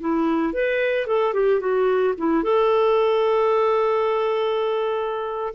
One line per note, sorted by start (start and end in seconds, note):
0.00 0.53 E4
0.53 1.07 B4
1.07 1.34 A4
1.34 1.60 G4
1.60 2.14 F#4
2.17 2.43 E4
2.43 5.54 A4